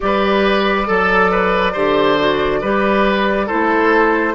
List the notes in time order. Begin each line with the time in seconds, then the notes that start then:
0.00 G3 G4 B4 D5
0.86 F#3 A4
1.31 B4
1.72 D3 G4 C5
2.18 F#4
2.61 G3 G4 B4
3.46 E4 A4 C5
3.53 A3